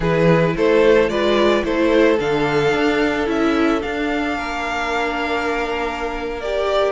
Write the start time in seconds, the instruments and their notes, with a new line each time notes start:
0.00 cello E3, viola E4, violin G#4 B4
0.56 cello A3, violin A4 C5
1.08 cello G#3, viola F4, violin B4 D5
1.63 cello A3, viola E4, violin A4 C5
2.19 cello D3, viola D4, violin F5
2.73 cello D4
3.26 cello C#4, viola E4, violin E5
3.80 viola D4, cello D4, violin F5
4.37 cello A#3, violin A#4
6.41 viola G4, violin D5